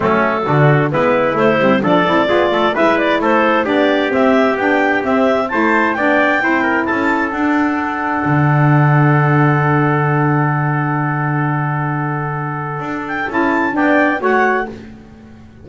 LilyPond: <<
  \new Staff \with { instrumentName = "clarinet" } { \time 4/4 \tempo 4 = 131 a'2 b'4 c''4 | d''2 e''8 d''8 c''4 | d''4 e''4 g''4 e''4 | a''4 g''2 a''4 |
fis''1~ | fis''1~ | fis''1~ | fis''8 g''8 a''4 g''4 fis''4 | }
  \new Staff \with { instrumentName = "trumpet" } { \time 4/4 cis'4 fis'4 e'2 | a'4 gis'8 a'8 b'4 a'4 | g'1 | c''4 d''4 c''8 ais'8 a'4~ |
a'1~ | a'1~ | a'1~ | a'2 d''4 cis''4 | }
  \new Staff \with { instrumentName = "saxophone" } { \time 4/4 a4 d'4 b4 a8 c'8 | d'8 e'8 f'4 e'2 | d'4 c'4 d'4 c'4 | e'4 d'4 e'2 |
d'1~ | d'1~ | d'1~ | d'4 e'4 d'4 fis'4 | }
  \new Staff \with { instrumentName = "double bass" } { \time 4/4 fis4 d4 gis4 a8 g8 | f8 c'8 b8 a8 gis4 a4 | b4 c'4 b4 c'4 | a4 b4 c'4 cis'4 |
d'2 d2~ | d1~ | d1 | d'4 cis'4 b4 a4 | }
>>